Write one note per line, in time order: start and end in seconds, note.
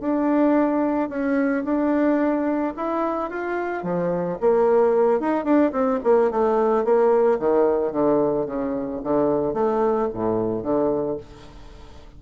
0.00 1.09 D4
1.09 1.64 C#4
1.65 2.74 D4
2.76 3.30 E4
3.30 3.84 F4
3.84 4.38 F3
4.41 5.20 A#3
5.20 5.44 D#4
5.44 5.72 D4
5.72 6.00 C4
6.04 6.31 A#3
6.31 6.84 A3
6.84 7.39 A#3
7.39 7.92 D#3
7.92 8.46 D3
8.46 9.01 C#3
9.04 9.54 D3
9.54 10.08 A3
10.13 10.63 A2
10.63 11.17 D3